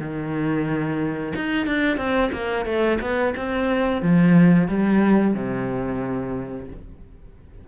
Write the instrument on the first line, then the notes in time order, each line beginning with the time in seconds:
cello
0.00 D#3
1.36 D#4
1.67 D4
1.98 C4
2.33 A#3
2.66 A3
3.01 B3
3.37 C4
4.02 F3
4.68 G3
5.35 C3